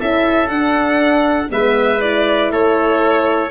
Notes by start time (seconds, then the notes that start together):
0.00 C#4 E4 A4 E5
0.48 D4 F#5
1.50 G#3 B3 B4 E5
2.00 E4 D5
2.50 A3 A4 C#5